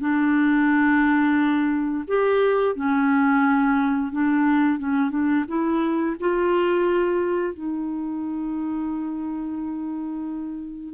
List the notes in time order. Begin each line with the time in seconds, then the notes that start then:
0.00 D4
2.08 G4
2.76 C#4
4.12 D4
4.79 C#4
5.11 D4
5.48 E4
6.20 F4
7.54 D#4